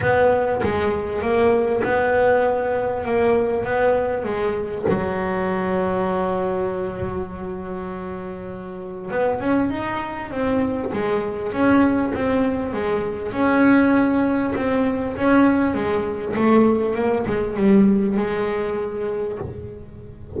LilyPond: \new Staff \with { instrumentName = "double bass" } { \time 4/4 \tempo 4 = 99 b4 gis4 ais4 b4~ | b4 ais4 b4 gis4 | fis1~ | fis2. b8 cis'8 |
dis'4 c'4 gis4 cis'4 | c'4 gis4 cis'2 | c'4 cis'4 gis4 a4 | ais8 gis8 g4 gis2 | }